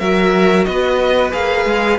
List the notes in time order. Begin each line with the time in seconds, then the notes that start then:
0.00 F#3 F#4 A#4 E5
0.65 B3 B4 D#5
1.32 A#3 G#4 F5
1.66 G#3